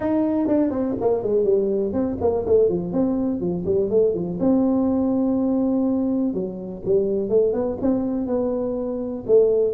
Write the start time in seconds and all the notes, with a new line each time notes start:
0.00 D#4
0.47 D4
0.70 C4
1.00 A#3
1.22 G#3
1.44 G3
1.92 C4
2.20 A#3
2.45 A3
2.69 F3
2.92 C4
3.40 F3
3.65 G3
3.90 A3
4.14 F3
4.39 C4
6.33 F#3
6.85 G3
7.29 A3
7.53 B3
7.81 C4
8.27 B3
9.27 A3